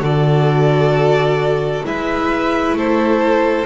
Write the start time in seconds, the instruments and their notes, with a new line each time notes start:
0.00 double bass D3, viola F#4, violin A4 D5
1.84 double bass G#3, viola E4, violin B4 E5
2.74 double bass A3, violin A4 C5